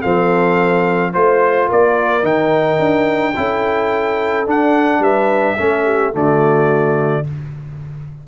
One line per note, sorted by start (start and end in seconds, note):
0.00 1.15 F3
0.00 1.12 C4
0.00 1.11 A4
0.00 1.12 F5
1.12 1.71 A3
1.12 2.23 F4
1.12 1.67 C5
1.12 1.69 C5
1.67 2.23 A#3
1.67 3.34 A#4
1.67 2.25 D5
2.23 2.78 D#3
2.23 3.34 D#4
2.23 4.47 G5
2.79 3.34 D4
3.35 4.46 C#4
3.35 4.46 E4
3.35 5.01 A4
4.46 4.99 D4
4.46 5.57 D4
4.46 5.03 F#5
4.99 5.55 G3
4.99 5.57 B4
4.99 6.14 E5
5.57 6.14 A3
5.57 6.12 C#4
5.57 5.85 A4
5.85 6.12 G4
6.12 7.25 D3
6.12 7.24 A3
6.12 7.26 F#4
6.12 7.27 D5